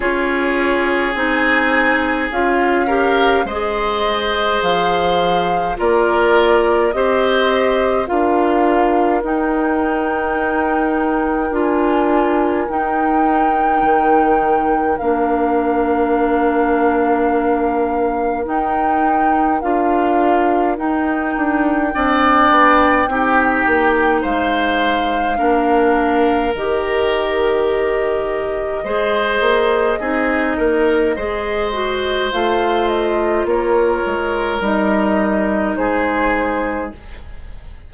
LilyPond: <<
  \new Staff \with { instrumentName = "flute" } { \time 4/4 \tempo 4 = 52 cis''4 gis''4 f''4 dis''4 | f''4 d''4 dis''4 f''4 | g''2 gis''4 g''4~ | g''4 f''2. |
g''4 f''4 g''2~ | g''4 f''2 dis''4~ | dis''1 | f''8 dis''8 cis''4 dis''4 c''4 | }
  \new Staff \with { instrumentName = "oboe" } { \time 4/4 gis'2~ gis'8 ais'8 c''4~ | c''4 ais'4 c''4 ais'4~ | ais'1~ | ais'1~ |
ais'2. d''4 | g'4 c''4 ais'2~ | ais'4 c''4 gis'8 ais'8 c''4~ | c''4 ais'2 gis'4 | }
  \new Staff \with { instrumentName = "clarinet" } { \time 4/4 f'4 dis'4 f'8 g'8 gis'4~ | gis'4 f'4 g'4 f'4 | dis'2 f'4 dis'4~ | dis'4 d'2. |
dis'4 f'4 dis'4 d'4 | dis'2 d'4 g'4~ | g'4 gis'4 dis'4 gis'8 fis'8 | f'2 dis'2 | }
  \new Staff \with { instrumentName = "bassoon" } { \time 4/4 cis'4 c'4 cis'4 gis4 | f4 ais4 c'4 d'4 | dis'2 d'4 dis'4 | dis4 ais2. |
dis'4 d'4 dis'8 d'8 c'8 b8 | c'8 ais8 gis4 ais4 dis4~ | dis4 gis8 ais8 c'8 ais8 gis4 | a4 ais8 gis8 g4 gis4 | }
>>